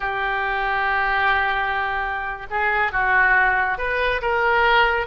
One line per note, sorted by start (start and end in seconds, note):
0.00 2.46 G4
2.50 2.92 G#4
2.92 3.78 F#4
3.78 4.21 B4
4.21 5.06 A#4